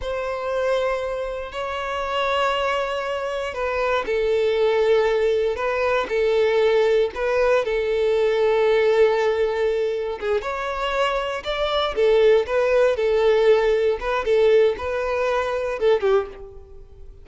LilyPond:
\new Staff \with { instrumentName = "violin" } { \time 4/4 \tempo 4 = 118 c''2. cis''4~ | cis''2. b'4 | a'2. b'4 | a'2 b'4 a'4~ |
a'1 | gis'8 cis''2 d''4 a'8~ | a'8 b'4 a'2 b'8 | a'4 b'2 a'8 g'8 | }